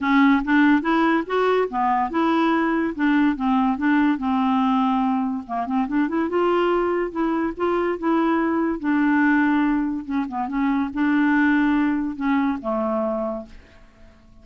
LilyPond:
\new Staff \with { instrumentName = "clarinet" } { \time 4/4 \tempo 4 = 143 cis'4 d'4 e'4 fis'4 | b4 e'2 d'4 | c'4 d'4 c'2~ | c'4 ais8 c'8 d'8 e'8 f'4~ |
f'4 e'4 f'4 e'4~ | e'4 d'2. | cis'8 b8 cis'4 d'2~ | d'4 cis'4 a2 | }